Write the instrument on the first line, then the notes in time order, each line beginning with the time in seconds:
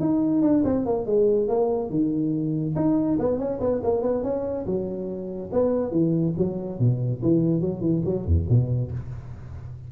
tuba
0.00 D#4
0.42 D4
0.65 C4
0.85 A#3
1.06 G#3
1.48 A#3
1.90 D#3
2.76 D#4
3.19 B3
3.39 C#4
3.60 B3
3.83 A#3
4.02 B3
4.23 C#4
4.66 F#3
5.53 B3
5.91 E3
6.38 F#3
6.79 B2
7.22 E3
7.61 F#3
7.81 E3
8.05 F#3
8.25 E2
8.49 B2